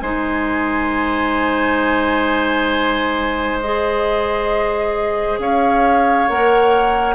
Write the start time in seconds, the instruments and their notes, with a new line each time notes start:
0.00 bassoon G#3, clarinet D#4, oboe C5, flute G#5
3.60 clarinet G#4, flute D#5
5.39 bassoon C#4, oboe C#5, flute F5
6.29 bassoon A#3, clarinet A#4, flute F#5